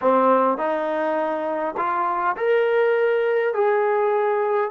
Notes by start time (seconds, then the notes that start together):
0.01 C4
0.57 D#4
1.77 F4
2.37 A#4
3.54 G#4